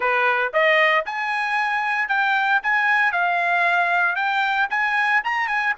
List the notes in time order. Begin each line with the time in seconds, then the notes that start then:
0.00 B4
0.53 D#5
1.05 G#5
2.08 G5
2.63 G#5
3.12 F5
4.15 G5
4.70 G#5
5.24 A#5
5.47 G#5